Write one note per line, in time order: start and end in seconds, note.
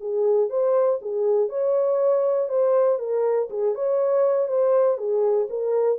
0.00 0.49 G#4
0.49 0.99 C5
1.01 1.49 G#4
1.49 2.48 C#5
2.48 2.98 C5
2.98 3.48 A#4
3.49 3.74 G#4
3.74 4.47 C#5
4.47 4.97 C5
4.97 5.47 G#4
5.49 5.98 A#4